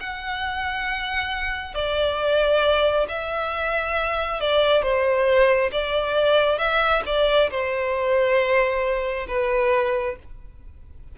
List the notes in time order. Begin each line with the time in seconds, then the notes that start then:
0.00 F#5
1.74 D5
3.08 E5
4.40 D5
4.82 C5
5.72 D5
6.58 E5
7.06 D5
7.50 C5
9.28 B4